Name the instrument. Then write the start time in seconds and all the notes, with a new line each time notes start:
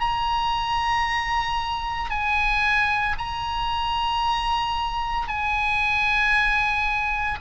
oboe
0.00 A#5
2.10 G#5
3.18 A#5
5.28 G#5